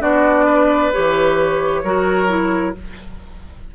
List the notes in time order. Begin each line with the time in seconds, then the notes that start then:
0.00 B3 D4 F#4 D5
0.45 B4
0.92 E3 G4 C#5
1.83 F#3 F#4 A#4
2.27 E4